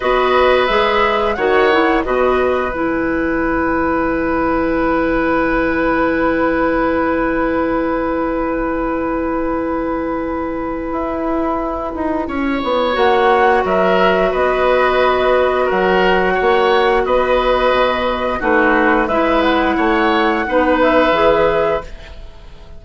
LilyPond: <<
  \new Staff \with { instrumentName = "flute" } { \time 4/4 \tempo 4 = 88 dis''4 e''4 fis''4 dis''4 | gis''1~ | gis''1~ | gis''1~ |
gis''2. fis''4 | e''4 dis''2 fis''4~ | fis''4 dis''2 b'4 | e''8 fis''2 e''4. | }
  \new Staff \with { instrumentName = "oboe" } { \time 4/4 b'2 cis''4 b'4~ | b'1~ | b'1~ | b'1~ |
b'2 cis''2 | ais'4 b'2 ais'4 | cis''4 b'2 fis'4 | b'4 cis''4 b'2 | }
  \new Staff \with { instrumentName = "clarinet" } { \time 4/4 fis'4 gis'4 fis'8 e'8 fis'4 | e'1~ | e'1~ | e'1~ |
e'2. fis'4~ | fis'1~ | fis'2. dis'4 | e'2 dis'4 gis'4 | }
  \new Staff \with { instrumentName = "bassoon" } { \time 4/4 b4 gis4 dis4 b,4 | e1~ | e1~ | e1 |
e'4. dis'8 cis'8 b8 ais4 | fis4 b2 fis4 | ais4 b4 b,4 a4 | gis4 a4 b4 e4 | }
>>